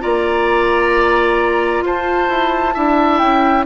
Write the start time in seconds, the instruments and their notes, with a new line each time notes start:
0.00 bassoon A#3, clarinet F4, oboe D5, flute A#5
1.81 bassoon F4, oboe C5, flute A5
2.29 bassoon E4
2.74 bassoon D4, clarinet E4, oboe E5
3.18 bassoon C#4, flute G5